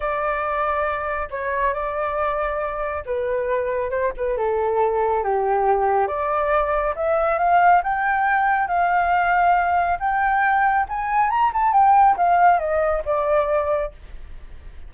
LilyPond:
\new Staff \with { instrumentName = "flute" } { \time 4/4 \tempo 4 = 138 d''2. cis''4 | d''2. b'4~ | b'4 c''8 b'8 a'2 | g'2 d''2 |
e''4 f''4 g''2 | f''2. g''4~ | g''4 gis''4 ais''8 a''8 g''4 | f''4 dis''4 d''2 | }